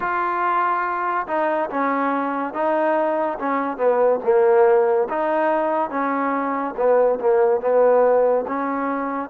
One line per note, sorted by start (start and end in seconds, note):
0.00 1.26 F4
1.27 1.69 D#4
1.69 2.53 C#4
2.53 3.38 D#4
3.38 3.77 C#4
3.77 4.19 B3
4.23 5.08 A#3
5.09 5.89 D#4
5.89 6.74 C#4
6.76 7.19 B3
7.20 7.61 A#3
7.61 8.45 B3
8.47 9.29 C#4